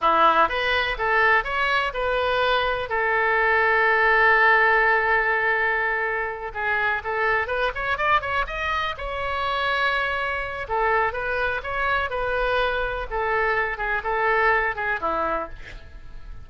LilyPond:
\new Staff \with { instrumentName = "oboe" } { \time 4/4 \tempo 4 = 124 e'4 b'4 a'4 cis''4 | b'2 a'2~ | a'1~ | a'4. gis'4 a'4 b'8 |
cis''8 d''8 cis''8 dis''4 cis''4.~ | cis''2 a'4 b'4 | cis''4 b'2 a'4~ | a'8 gis'8 a'4. gis'8 e'4 | }